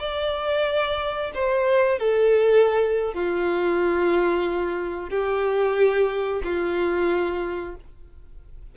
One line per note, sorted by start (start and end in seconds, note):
0.00 1.32 D5
1.35 1.99 C5
1.99 3.14 A4
3.14 5.10 F4
5.10 6.42 G4
6.44 7.76 F4